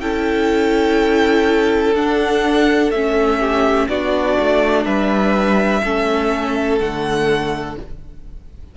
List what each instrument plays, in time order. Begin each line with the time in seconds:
0.00 cello C#4, viola E4, violin A4 G5
1.95 cello D4, viola D4, violin F#5
2.91 cello A3, viola C#4, violin E5
3.39 violin G4
3.88 cello B3, viola D4, violin F#4 D5
4.39 cello A3
4.84 cello G3, violin B4 E5
5.82 cello A3, viola C#4, violin A4
6.79 cello D3, viola A3, violin F#5